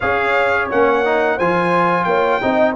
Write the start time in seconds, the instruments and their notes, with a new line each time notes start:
0.00 tuba C#4, trombone G#4, horn C#5, trumpet F5
0.70 tuba A#3, trombone C#4, trumpet F#5
1.05 trombone D#4
1.36 tuba F3, trombone F4, horn C5, trumpet G#5
2.04 tuba A#3, horn C#5, trumpet G5
2.41 tuba C4, trombone D#4, horn D#5